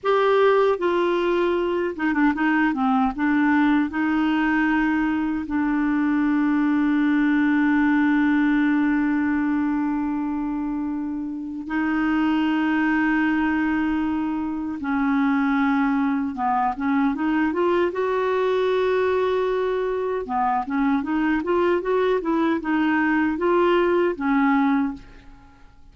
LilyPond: \new Staff \with { instrumentName = "clarinet" } { \time 4/4 \tempo 4 = 77 g'4 f'4. dis'16 d'16 dis'8 c'8 | d'4 dis'2 d'4~ | d'1~ | d'2. dis'4~ |
dis'2. cis'4~ | cis'4 b8 cis'8 dis'8 f'8 fis'4~ | fis'2 b8 cis'8 dis'8 f'8 | fis'8 e'8 dis'4 f'4 cis'4 | }